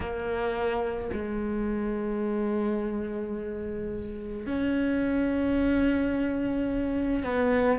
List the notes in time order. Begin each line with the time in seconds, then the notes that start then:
0.00 A#3
1.13 G#3
4.46 C#4
7.23 B3